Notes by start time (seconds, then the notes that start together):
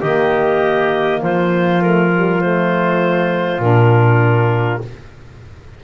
0.00 D#3 A#3 G4 D#5
1.21 F3 F4 C5
1.81 A3 A#4
2.11 G3
2.39 A3 C5
3.58 A#2 D4 A#4